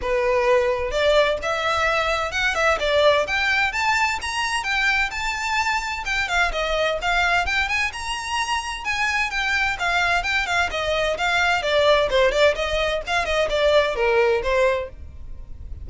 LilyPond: \new Staff \with { instrumentName = "violin" } { \time 4/4 \tempo 4 = 129 b'2 d''4 e''4~ | e''4 fis''8 e''8 d''4 g''4 | a''4 ais''4 g''4 a''4~ | a''4 g''8 f''8 dis''4 f''4 |
g''8 gis''8 ais''2 gis''4 | g''4 f''4 g''8 f''8 dis''4 | f''4 d''4 c''8 d''8 dis''4 | f''8 dis''8 d''4 ais'4 c''4 | }